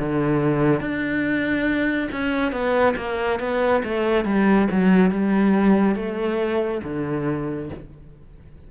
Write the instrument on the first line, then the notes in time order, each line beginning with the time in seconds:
cello
0.00 D3
0.81 D4
2.12 C#4
2.52 B3
2.97 A#3
3.40 B3
3.84 A3
4.25 G3
4.71 F#3
5.11 G3
5.96 A3
6.84 D3